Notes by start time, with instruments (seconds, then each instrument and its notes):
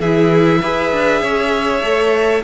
0.00 cello E3, viola E4, violin G#4 E5
0.62 cello E4, viola G#4, violin B4
0.92 cello D4
1.22 cello C#4, violin C#5
1.83 cello A3, viola A4